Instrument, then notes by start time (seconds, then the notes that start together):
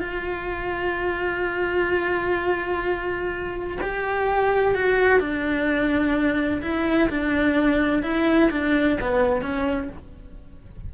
cello
0.00 F4
3.82 G4
4.75 F#4
5.20 D4
6.62 E4
7.10 D4
8.03 E4
8.51 D4
9.01 B3
9.42 C#4